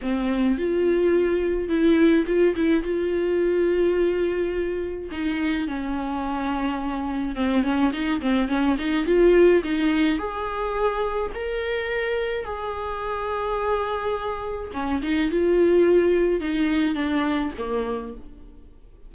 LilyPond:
\new Staff \with { instrumentName = "viola" } { \time 4/4 \tempo 4 = 106 c'4 f'2 e'4 | f'8 e'8 f'2.~ | f'4 dis'4 cis'2~ | cis'4 c'8 cis'8 dis'8 c'8 cis'8 dis'8 |
f'4 dis'4 gis'2 | ais'2 gis'2~ | gis'2 cis'8 dis'8 f'4~ | f'4 dis'4 d'4 ais4 | }